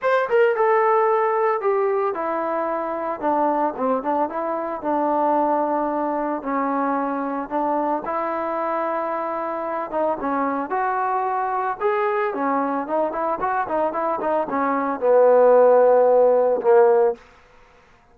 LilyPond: \new Staff \with { instrumentName = "trombone" } { \time 4/4 \tempo 4 = 112 c''8 ais'8 a'2 g'4 | e'2 d'4 c'8 d'8 | e'4 d'2. | cis'2 d'4 e'4~ |
e'2~ e'8 dis'8 cis'4 | fis'2 gis'4 cis'4 | dis'8 e'8 fis'8 dis'8 e'8 dis'8 cis'4 | b2. ais4 | }